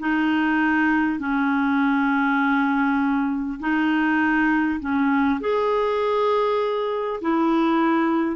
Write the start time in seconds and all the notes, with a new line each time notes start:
0.00 D#4
1.20 C#4
3.60 D#4
4.81 C#4
5.41 G#4
7.22 E4